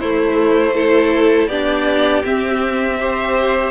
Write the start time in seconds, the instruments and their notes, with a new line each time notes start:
0.00 cello A3, viola A3, violin E4 C5
0.74 viola E4, violin A4
1.47 cello B3, viola D4, violin G4 D5
2.24 viola C4, cello C4, violin E5
3.00 viola G4, violin C5